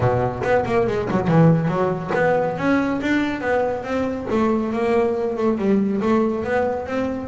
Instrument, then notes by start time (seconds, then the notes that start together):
double bass
0.00 B2
0.43 B3
0.65 A#3
0.87 G#3
1.10 F#3
1.27 E3
1.68 F#3
2.14 B3
2.57 C#4
3.01 D4
3.40 B3
3.83 C4
4.30 A3
4.73 A#3
5.36 A3
5.58 G3
6.01 A3
6.44 B3
6.86 C4